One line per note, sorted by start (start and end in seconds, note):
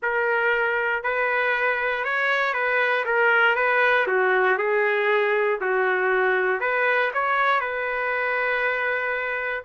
0.02 1.03 A#4
1.03 2.04 B4
2.04 2.53 C#5
2.53 3.04 B4
3.05 3.55 A#4
3.55 4.06 B4
4.07 4.57 F#4
4.57 5.59 G#4
5.60 6.60 F#4
6.60 7.11 B4
7.13 7.60 C#5
7.60 9.63 B4